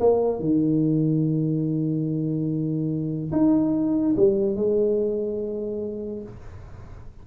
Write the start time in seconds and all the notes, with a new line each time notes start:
0.00 A#3
0.40 D#3
3.32 D#4
4.16 G3
4.56 G#3